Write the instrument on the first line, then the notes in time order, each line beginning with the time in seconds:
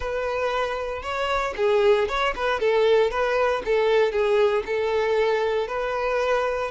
violin
0.00 B4
1.02 C#5
1.56 G#4
2.08 C#5
2.35 B4
2.60 A4
3.10 B4
3.65 A4
4.11 G#4
4.66 A4
5.67 B4